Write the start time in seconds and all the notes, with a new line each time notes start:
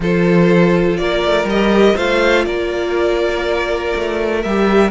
0.00 F3 F4 A4 C5
0.97 A#3 A#4 D5
1.24 A3
1.44 G3 D#5
1.51 G4
1.95 A3 F4 C5 F5
2.44 A#3 A#4 D5
3.96 A3
4.42 G3 G4 E5